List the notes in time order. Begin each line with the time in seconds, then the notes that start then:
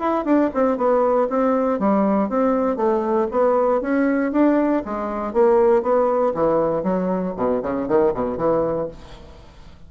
0.00 E4
0.25 D4
0.55 C4
0.78 B3
1.30 C4
1.80 G3
2.30 C4
2.77 A3
3.32 B3
3.82 C#4
4.32 D4
4.86 G#3
5.34 A#3
5.83 B3
6.35 E3
6.84 F#3
7.37 B2
7.63 C#3
7.88 D#3
8.15 B2
8.38 E3